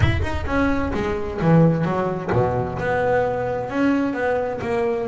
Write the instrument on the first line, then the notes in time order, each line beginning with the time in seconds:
double bass
0.00 E4
0.22 D#4
0.46 C#4
0.94 G#3
1.41 E3
1.84 F#3
2.32 B2
2.78 B3
3.70 C#4
4.13 B3
4.61 A#3